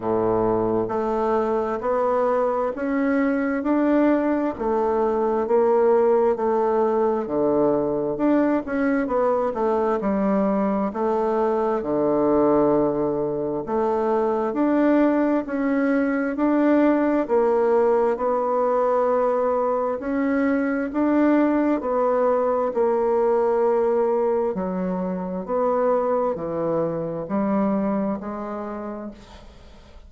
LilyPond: \new Staff \with { instrumentName = "bassoon" } { \time 4/4 \tempo 4 = 66 a,4 a4 b4 cis'4 | d'4 a4 ais4 a4 | d4 d'8 cis'8 b8 a8 g4 | a4 d2 a4 |
d'4 cis'4 d'4 ais4 | b2 cis'4 d'4 | b4 ais2 fis4 | b4 e4 g4 gis4 | }